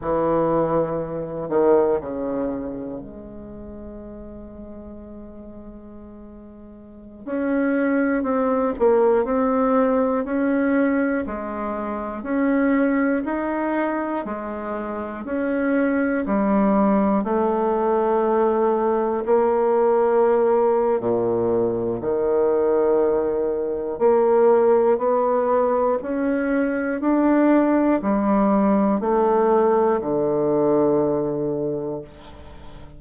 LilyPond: \new Staff \with { instrumentName = "bassoon" } { \time 4/4 \tempo 4 = 60 e4. dis8 cis4 gis4~ | gis2.~ gis16 cis'8.~ | cis'16 c'8 ais8 c'4 cis'4 gis8.~ | gis16 cis'4 dis'4 gis4 cis'8.~ |
cis'16 g4 a2 ais8.~ | ais4 ais,4 dis2 | ais4 b4 cis'4 d'4 | g4 a4 d2 | }